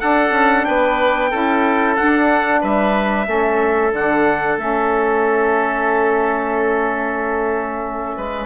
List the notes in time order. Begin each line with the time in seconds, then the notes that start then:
0.00 D4 A4 F#5
0.30 C#4
0.65 B3 B4 G5
1.30 C#4 E4 A4
1.96 D4 F#5
2.61 G3 B4 E5
3.25 A3 C#4 A4
3.92 D3 D4 F#5
4.57 A3 C#4 E5
8.16 G#3 B4